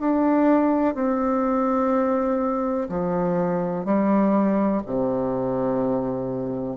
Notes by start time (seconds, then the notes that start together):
0.00 D4
0.95 C4
2.89 F3
3.85 G3
4.87 C3